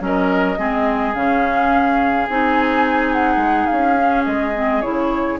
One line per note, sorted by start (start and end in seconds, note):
0.00 0.58 F#3
0.00 0.57 C#4
0.00 0.59 A#4
0.00 1.14 D#5
0.58 1.15 G#3
0.58 1.14 C4
0.58 5.40 G#4
1.14 2.28 C#3
1.14 2.29 C#4
1.14 2.27 F5
2.29 3.37 C4
2.29 3.97 D#4
2.29 3.13 G#5
3.13 3.66 F#5
3.37 3.65 G#3
3.66 4.27 C#4
3.66 4.23 F5
3.97 4.54 C#4
4.25 4.83 G#3
4.25 4.82 D#5
4.55 4.83 C4
4.82 5.40 C#3
4.82 5.39 E4
4.82 5.38 C#5